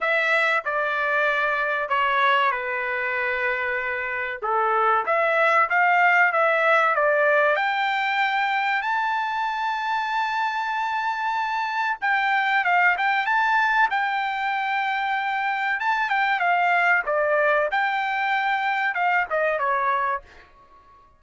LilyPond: \new Staff \with { instrumentName = "trumpet" } { \time 4/4 \tempo 4 = 95 e''4 d''2 cis''4 | b'2. a'4 | e''4 f''4 e''4 d''4 | g''2 a''2~ |
a''2. g''4 | f''8 g''8 a''4 g''2~ | g''4 a''8 g''8 f''4 d''4 | g''2 f''8 dis''8 cis''4 | }